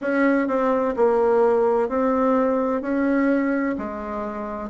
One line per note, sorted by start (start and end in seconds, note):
0.01 0.47 C#4
0.47 0.94 C4
0.96 1.88 A#3
1.88 2.81 C4
2.81 3.75 C#4
3.78 4.69 G#3